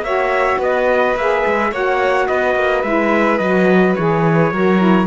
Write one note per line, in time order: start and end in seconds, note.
0.00 0.56 A#3
0.00 1.16 F#4
0.00 0.58 C#5
0.00 0.59 E5
0.58 1.14 B3
0.58 1.70 B4
0.58 1.17 D#5
1.15 1.43 A#3
1.15 1.73 G#4
1.15 1.73 E5
1.46 1.72 G#3
1.72 2.28 A#3
1.72 2.84 F#4
1.72 2.28 C#5
1.72 2.27 F#5
2.27 2.55 B3
2.27 4.53 B4
2.27 2.83 D#5
2.55 2.83 A#3
2.83 3.39 G#3
2.83 3.40 E4
2.83 3.38 E5
3.38 3.95 F#3
3.38 3.97 F#4
3.38 3.94 D#5
3.95 4.52 E3
3.95 4.53 G#4
3.95 5.06 C#5
4.52 5.06 F#3
4.52 4.79 F#4
4.52 5.06 A#4
4.79 5.06 E4